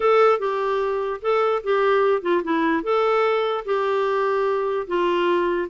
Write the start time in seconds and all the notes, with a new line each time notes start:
0.00 A4
0.39 G4
1.21 A4
1.63 G4
2.22 F4
2.43 E4
2.83 A4
3.65 G4
4.87 F4